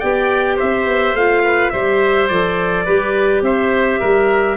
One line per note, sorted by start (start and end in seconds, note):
0.00 0.61 B3
0.00 1.17 G4
0.00 0.56 D5
0.00 0.57 G5
0.56 0.86 C4
0.56 1.42 C5
0.56 1.16 E5
0.86 1.14 B3
1.14 1.72 A3
1.14 1.73 F4
1.14 1.70 F5
1.44 1.72 B4
1.70 2.30 G3
1.70 2.30 G4
1.70 2.85 C5
1.70 2.27 E5
2.28 2.87 F3
2.28 2.87 A4
2.28 3.43 D5
2.85 3.42 G3
2.85 4.57 G4
2.85 3.42 B4
3.42 3.99 C4
3.42 4.00 C5
3.42 4.57 E5
4.00 4.57 G3
4.00 4.57 A#4